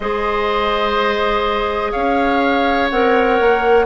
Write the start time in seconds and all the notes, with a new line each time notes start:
0.00 G#3 G#4 C5 D#5
1.91 C#4 C#5 F5
2.90 C4 A#4 F#5
3.40 A#3